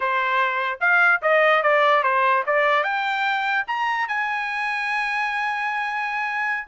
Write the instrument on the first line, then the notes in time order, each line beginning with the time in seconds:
trumpet
0.00 C5
0.80 F5
1.22 D#5
1.62 D5
2.03 C5
2.46 D5
2.83 G5
3.67 A#5
4.08 G#5